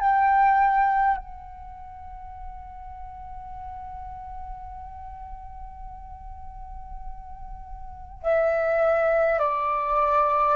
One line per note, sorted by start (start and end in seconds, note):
0.00 1.17 G5
1.17 8.23 F#5
8.23 9.40 E5
9.40 10.56 D5